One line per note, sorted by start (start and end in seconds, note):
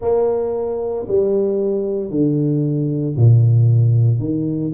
0.01 1.06 A#3
1.08 2.10 G3
2.10 3.15 D3
3.16 4.19 A#2
4.19 4.71 D#3